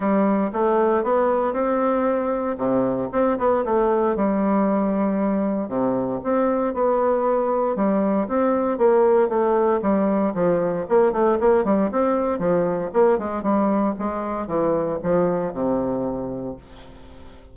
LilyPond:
\new Staff \with { instrumentName = "bassoon" } { \time 4/4 \tempo 4 = 116 g4 a4 b4 c'4~ | c'4 c4 c'8 b8 a4 | g2. c4 | c'4 b2 g4 |
c'4 ais4 a4 g4 | f4 ais8 a8 ais8 g8 c'4 | f4 ais8 gis8 g4 gis4 | e4 f4 c2 | }